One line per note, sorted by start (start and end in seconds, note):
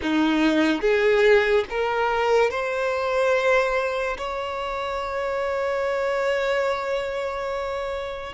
0.02 0.81 D#4
0.81 1.64 G#4
1.69 2.50 A#4
2.50 4.17 C5
4.17 8.33 C#5